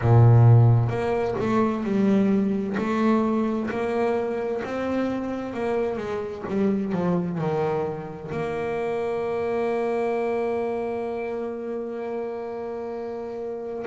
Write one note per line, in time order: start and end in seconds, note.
0.01 0.89 A#2
0.89 1.35 A#3
1.39 1.83 A3
1.83 2.76 G3
2.77 3.69 A3
3.70 4.62 A#3
4.64 5.53 C4
5.53 5.97 A#3
5.97 6.43 G#3
6.47 6.92 G3
6.92 7.38 F3
7.38 8.30 D#3
8.31 13.85 A#3